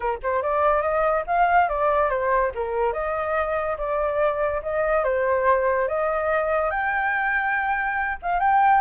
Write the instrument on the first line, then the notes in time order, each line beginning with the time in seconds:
flute
0.00 A#4
0.22 C5
0.42 D5
0.81 D#5
1.27 F5
1.68 D5
2.09 C5
2.55 A#4
2.92 D#5
3.77 D5
4.62 D#5
5.03 C5
5.88 D#5
6.70 G5
8.22 F5
8.39 G5